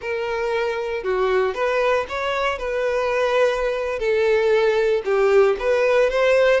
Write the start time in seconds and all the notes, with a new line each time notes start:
0.01 A#4
1.03 F#4
1.54 B4
2.08 C#5
2.58 B4
3.99 A4
5.04 G4
5.59 B4
6.10 C5